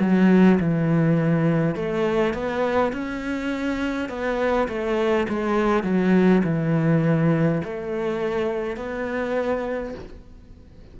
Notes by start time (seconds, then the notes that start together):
0.00 F#3
0.59 E3
1.75 A3
2.33 B3
2.93 C#4
4.09 B3
4.68 A3
5.28 G#3
5.83 F#3
6.44 E3
7.64 A3
8.76 B3